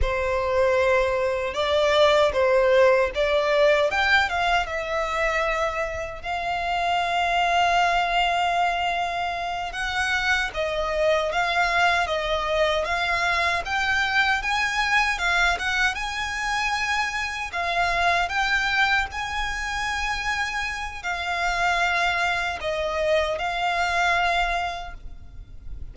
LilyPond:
\new Staff \with { instrumentName = "violin" } { \time 4/4 \tempo 4 = 77 c''2 d''4 c''4 | d''4 g''8 f''8 e''2 | f''1~ | f''8 fis''4 dis''4 f''4 dis''8~ |
dis''8 f''4 g''4 gis''4 f''8 | fis''8 gis''2 f''4 g''8~ | g''8 gis''2~ gis''8 f''4~ | f''4 dis''4 f''2 | }